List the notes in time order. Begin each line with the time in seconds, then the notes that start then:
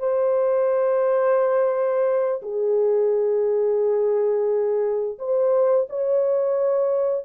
0.00 C5
2.43 G#4
5.19 C5
5.90 C#5